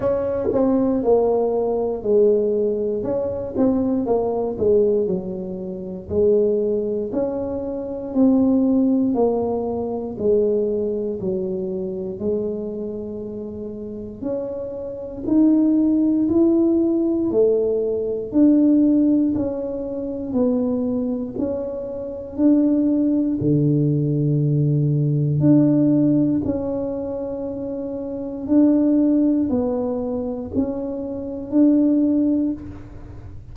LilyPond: \new Staff \with { instrumentName = "tuba" } { \time 4/4 \tempo 4 = 59 cis'8 c'8 ais4 gis4 cis'8 c'8 | ais8 gis8 fis4 gis4 cis'4 | c'4 ais4 gis4 fis4 | gis2 cis'4 dis'4 |
e'4 a4 d'4 cis'4 | b4 cis'4 d'4 d4~ | d4 d'4 cis'2 | d'4 b4 cis'4 d'4 | }